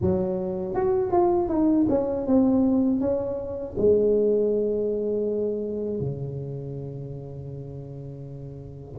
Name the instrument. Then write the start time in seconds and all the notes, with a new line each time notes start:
tuba
0.01 F#3
0.74 F#4
1.12 F4
1.48 D#4
1.89 C#4
2.26 C4
3.00 C#4
3.77 G#3
6.00 C#3